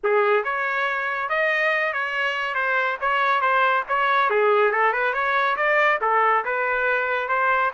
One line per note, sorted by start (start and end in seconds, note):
0.03 0.44 G#4
0.44 1.29 C#5
1.29 1.93 D#5
1.93 2.54 C#5
2.54 2.97 C5
3.00 3.41 C#5
3.41 3.84 C5
3.88 4.30 C#5
4.30 4.71 G#4
4.71 4.92 A4
4.92 5.13 B4
5.13 5.56 C#5
5.56 5.99 D5
6.01 6.44 A4
6.44 7.28 B4
7.28 7.71 C5